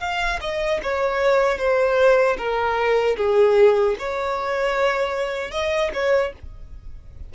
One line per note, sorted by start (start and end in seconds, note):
0.00 0.39 F5
0.41 0.80 D#5
0.83 1.58 C#5
1.58 2.37 C5
2.38 3.17 A#4
3.17 3.96 G#4
3.99 5.51 C#5
5.51 5.91 D#5
5.93 6.33 C#5